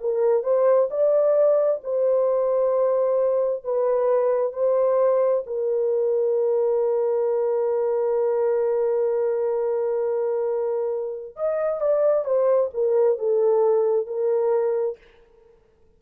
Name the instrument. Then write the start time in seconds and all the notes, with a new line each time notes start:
horn
0.00 A#4
0.43 C5
0.90 D5
1.83 C5
3.64 B4
4.52 C5
5.46 A#4
11.36 D#5
11.81 D5
12.24 C5
12.74 A#4
13.18 A4
14.07 A#4